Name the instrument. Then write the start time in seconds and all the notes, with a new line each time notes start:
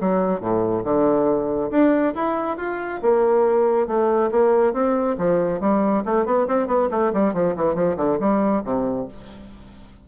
bassoon
0.00 F#3
0.40 A2
0.84 D3
1.71 D4
2.15 E4
2.57 F4
3.02 A#3
3.87 A3
4.31 A#3
4.73 C4
5.17 F3
5.60 G3
6.05 A3
6.25 B3
6.47 C4
6.67 B3
6.90 A3
7.13 G3
7.33 F3
7.55 E3
7.74 F3
7.96 D3
8.19 G3
8.64 C3